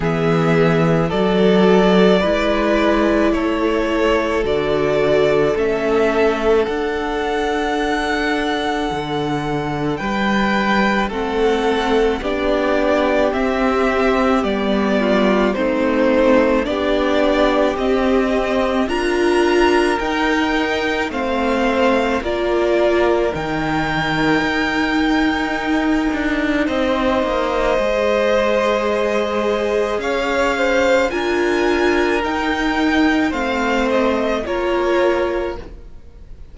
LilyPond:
<<
  \new Staff \with { instrumentName = "violin" } { \time 4/4 \tempo 4 = 54 e''4 d''2 cis''4 | d''4 e''4 fis''2~ | fis''4 g''4 fis''4 d''4 | e''4 d''4 c''4 d''4 |
dis''4 ais''4 g''4 f''4 | d''4 g''2. | dis''2. f''4 | gis''4 g''4 f''8 dis''8 cis''4 | }
  \new Staff \with { instrumentName = "violin" } { \time 4/4 gis'4 a'4 b'4 a'4~ | a'1~ | a'4 b'4 a'4 g'4~ | g'4. f'8 dis'4 g'4~ |
g'4 ais'2 c''4 | ais'1 | c''2. cis''8 c''8 | ais'2 c''4 ais'4 | }
  \new Staff \with { instrumentName = "viola" } { \time 4/4 b4 fis'4 e'2 | fis'4 cis'4 d'2~ | d'2 c'4 d'4 | c'4 b4 c'4 d'4 |
c'4 f'4 dis'4 c'4 | f'4 dis'2.~ | dis'4 gis'2. | f'4 dis'4 c'4 f'4 | }
  \new Staff \with { instrumentName = "cello" } { \time 4/4 e4 fis4 gis4 a4 | d4 a4 d'2 | d4 g4 a4 b4 | c'4 g4 a4 b4 |
c'4 d'4 dis'4 a4 | ais4 dis4 dis'4. d'8 | c'8 ais8 gis2 cis'4 | d'4 dis'4 a4 ais4 | }
>>